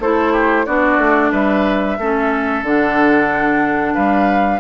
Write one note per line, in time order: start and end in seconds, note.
0.00 0.66 A3
0.00 0.67 E4
0.00 0.33 A4
0.00 0.66 C5
0.33 0.66 G4
0.66 0.98 B3
0.66 1.99 D4
0.66 1.32 F#4
0.66 1.32 D5
0.98 1.31 A3
1.32 1.98 G3
1.32 1.98 B4
1.32 2.65 E5
1.99 2.63 A3
1.99 2.65 C#4
1.99 3.94 A4
2.63 3.95 D3
2.63 4.60 D4
2.63 3.95 F#5
3.94 4.60 G3
3.94 4.60 B4
3.94 4.60 F5